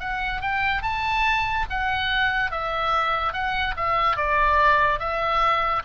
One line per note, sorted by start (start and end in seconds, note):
0.00 0.42 F#5
0.42 0.83 G5
0.83 1.66 A5
1.70 2.51 F#5
2.51 3.33 E5
3.33 3.75 F#5
3.77 4.17 E5
4.17 5.00 D5
5.00 5.83 E5